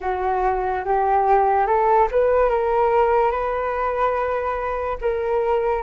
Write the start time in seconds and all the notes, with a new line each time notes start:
0.00 F#4
0.84 G4
1.66 A4
2.11 B4
2.49 A#4
3.31 B4
5.01 A#4